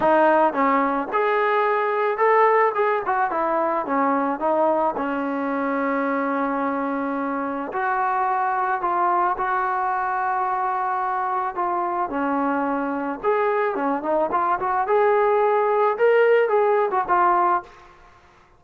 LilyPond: \new Staff \with { instrumentName = "trombone" } { \time 4/4 \tempo 4 = 109 dis'4 cis'4 gis'2 | a'4 gis'8 fis'8 e'4 cis'4 | dis'4 cis'2.~ | cis'2 fis'2 |
f'4 fis'2.~ | fis'4 f'4 cis'2 | gis'4 cis'8 dis'8 f'8 fis'8 gis'4~ | gis'4 ais'4 gis'8. fis'16 f'4 | }